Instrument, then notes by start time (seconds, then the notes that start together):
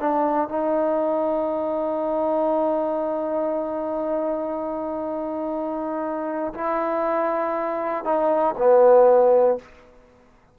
trombone
0.00 D4
0.49 D#4
6.55 E4
8.05 D#4
8.58 B3